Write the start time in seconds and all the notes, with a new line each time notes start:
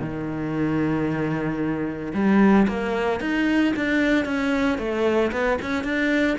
0.00 D#3
2.14 G3
2.67 A#3
3.20 D#4
3.76 D4
4.25 C#4
4.78 A3
5.31 B3
5.61 C#4
5.84 D4